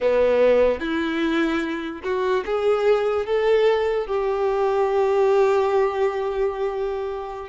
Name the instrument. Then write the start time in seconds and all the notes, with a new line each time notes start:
violin
0.00 B3
0.80 E4
2.03 F#4
2.45 G#4
3.26 A4
4.07 G4